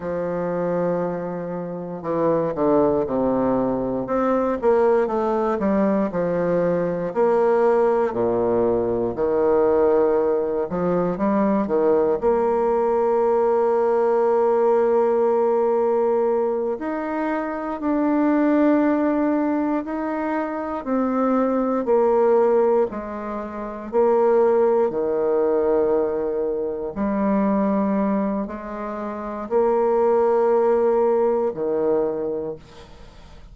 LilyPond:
\new Staff \with { instrumentName = "bassoon" } { \time 4/4 \tempo 4 = 59 f2 e8 d8 c4 | c'8 ais8 a8 g8 f4 ais4 | ais,4 dis4. f8 g8 dis8 | ais1~ |
ais8 dis'4 d'2 dis'8~ | dis'8 c'4 ais4 gis4 ais8~ | ais8 dis2 g4. | gis4 ais2 dis4 | }